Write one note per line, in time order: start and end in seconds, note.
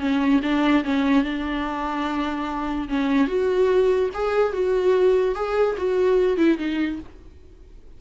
0.00 0.41 C#4
0.43 0.84 D4
0.85 1.25 C#4
1.25 2.89 D4
2.89 3.28 C#4
3.28 4.10 F#4
4.14 4.53 G#4
4.53 5.36 F#4
5.36 5.77 G#4
5.78 6.38 F#4
6.38 6.58 E4
6.58 7.00 D#4